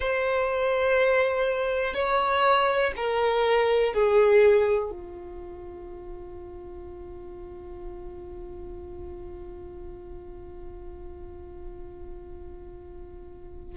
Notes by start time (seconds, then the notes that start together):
0.00 C5
1.94 C#5
2.96 A#4
3.93 G#4
4.90 F4